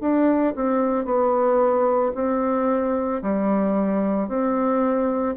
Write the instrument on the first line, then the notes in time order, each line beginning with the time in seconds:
bassoon
0.00 D4
0.55 C4
1.05 B3
2.14 C4
3.22 G3
4.28 C4